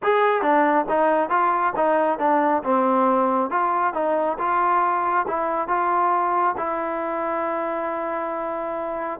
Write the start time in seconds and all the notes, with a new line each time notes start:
0.02 G#4
0.42 D4
0.88 D#4
1.29 F4
1.75 D#4
2.19 D4
2.63 C4
3.50 F4
3.93 D#4
4.38 F4
5.27 E4
5.68 F4
6.57 E4